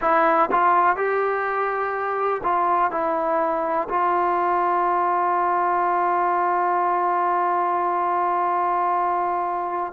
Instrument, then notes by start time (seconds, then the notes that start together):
trombone
0.01 E4
0.51 F4
0.96 G4
2.43 F4
2.91 E4
3.89 F4